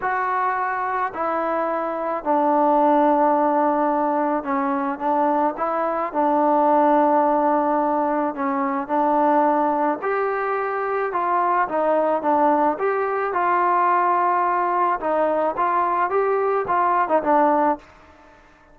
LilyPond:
\new Staff \with { instrumentName = "trombone" } { \time 4/4 \tempo 4 = 108 fis'2 e'2 | d'1 | cis'4 d'4 e'4 d'4~ | d'2. cis'4 |
d'2 g'2 | f'4 dis'4 d'4 g'4 | f'2. dis'4 | f'4 g'4 f'8. dis'16 d'4 | }